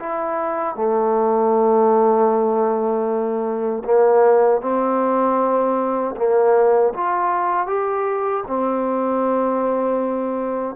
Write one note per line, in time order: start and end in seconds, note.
0.00 0.76 E4
0.76 3.83 A3
3.85 4.62 A#3
4.62 6.15 C4
6.16 6.93 A#3
6.94 7.67 F4
7.67 8.44 G4
8.47 10.76 C4